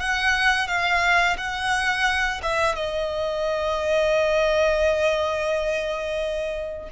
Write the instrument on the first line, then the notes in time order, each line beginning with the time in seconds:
violin
0.00 F#5
0.68 F5
1.38 F#5
2.43 E5
2.76 D#5